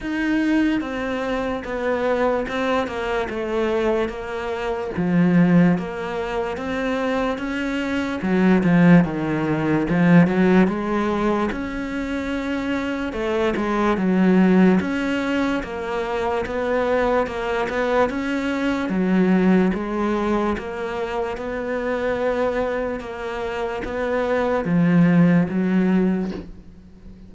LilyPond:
\new Staff \with { instrumentName = "cello" } { \time 4/4 \tempo 4 = 73 dis'4 c'4 b4 c'8 ais8 | a4 ais4 f4 ais4 | c'4 cis'4 fis8 f8 dis4 | f8 fis8 gis4 cis'2 |
a8 gis8 fis4 cis'4 ais4 | b4 ais8 b8 cis'4 fis4 | gis4 ais4 b2 | ais4 b4 f4 fis4 | }